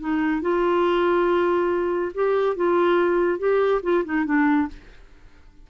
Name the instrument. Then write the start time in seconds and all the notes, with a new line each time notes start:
clarinet
0.00 D#4
0.42 F4
2.15 G4
2.56 F4
3.39 G4
3.83 F4
4.05 D#4
4.25 D4